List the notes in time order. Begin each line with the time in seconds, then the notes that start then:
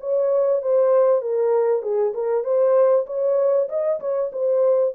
0.00 C#5
0.62 C5
1.22 A#4
1.82 G#4
2.14 A#4
2.44 C5
3.06 C#5
3.69 D#5
4.00 C#5
4.32 C5